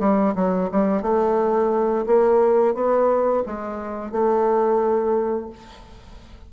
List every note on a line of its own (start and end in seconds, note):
0.00 0.34 G3
0.36 0.70 F#3
0.72 1.03 G3
1.03 2.06 A3
2.07 2.75 A#3
2.75 3.44 B3
3.46 4.12 G#3
4.12 5.50 A3